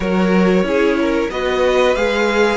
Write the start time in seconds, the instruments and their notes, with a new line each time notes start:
0.00 cello F#3, viola F#4, violin A#4 C#5
0.62 cello C#4, viola E4, violin G#4
1.01 violin A#4
1.30 cello B3, viola F#4, violin B4 D#5
1.95 cello G#3, viola G#4, violin F5